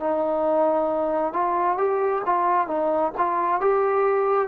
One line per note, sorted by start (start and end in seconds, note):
0.00 1.33 D#4
1.33 1.77 F4
1.77 2.22 G4
2.25 2.67 F4
2.67 3.12 D#4
3.17 3.60 F4
3.60 4.48 G4